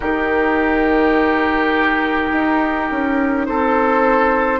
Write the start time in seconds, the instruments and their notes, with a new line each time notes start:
0.00 bassoon D#3, clarinet D#4, oboe G4, flute A#4
2.31 bassoon D#4
2.90 bassoon C#4
3.45 bassoon C4, oboe A4, flute C5